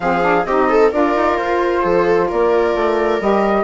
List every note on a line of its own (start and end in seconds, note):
0.00 0.45 F3
0.00 0.21 C4
0.00 0.47 G#4
0.00 0.44 F5
0.21 0.44 D4
0.44 0.91 C4
0.44 0.92 D#4
0.44 0.69 G4
0.44 0.90 D#5
0.69 0.91 A4
0.91 1.15 D4
0.91 3.20 F4
0.91 1.82 A#4
0.91 1.37 D5
1.15 1.38 D#4
1.37 1.84 F4
1.37 2.28 C5
1.82 2.30 F3
1.82 2.27 A4
2.28 2.74 A#3
2.28 3.64 A#4
2.28 3.21 D5
2.74 3.20 A3
3.20 3.64 G3
3.20 3.64 G4
3.20 3.64 D#5